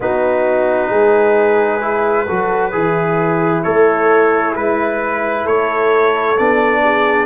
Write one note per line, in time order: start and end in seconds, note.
0.00 0.89 B3
0.00 1.81 D#4
0.00 0.89 F#4
0.00 3.63 B4
0.89 2.26 G#3
0.89 2.25 G#4
1.81 2.26 E4
2.26 2.73 F#3
2.26 2.71 F#4
2.26 2.71 A4
2.71 3.64 E3
2.71 5.43 E4
2.71 3.62 G#4
3.63 4.56 A3
3.63 4.54 A4
3.63 4.54 C#5
4.54 5.46 G#3
4.54 6.36 E4
4.54 5.46 B4
5.43 6.37 A3
5.43 6.80 A4
5.43 6.37 C#5
6.37 7.25 B3
6.37 7.25 D4
6.37 7.25 D5
6.83 7.25 G#4